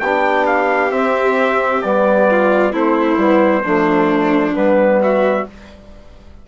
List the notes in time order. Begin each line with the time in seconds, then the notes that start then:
0.00 B3 D4 G4 G5
0.46 F5
0.91 C4 E5
1.82 G3 B3 D5
2.30 F4
2.72 A3 C4 E4 C5
3.17 G3 B3
3.63 F3 A3 D4
4.53 G3 B3 B4
5.02 F#4 E5